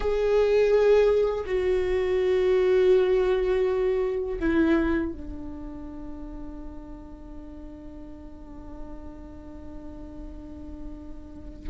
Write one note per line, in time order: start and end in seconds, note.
0.00 1.45 G#4
1.46 4.38 F#4
4.39 5.12 E4
5.12 11.69 D4